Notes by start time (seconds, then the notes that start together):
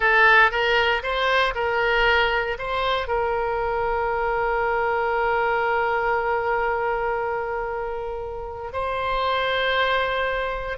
0.00 A4
0.51 A#4
1.02 C5
1.55 A#4
2.58 C5
3.07 A#4
8.72 C5